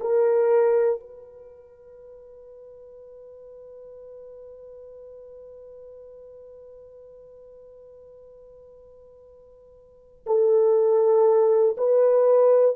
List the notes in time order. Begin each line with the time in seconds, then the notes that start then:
0.00 A#4
1.00 B4
10.26 A4
11.77 B4